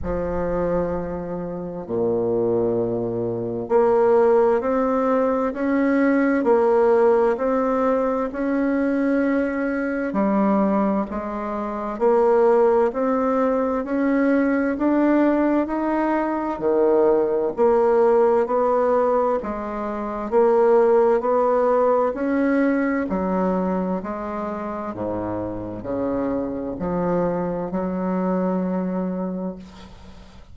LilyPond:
\new Staff \with { instrumentName = "bassoon" } { \time 4/4 \tempo 4 = 65 f2 ais,2 | ais4 c'4 cis'4 ais4 | c'4 cis'2 g4 | gis4 ais4 c'4 cis'4 |
d'4 dis'4 dis4 ais4 | b4 gis4 ais4 b4 | cis'4 fis4 gis4 gis,4 | cis4 f4 fis2 | }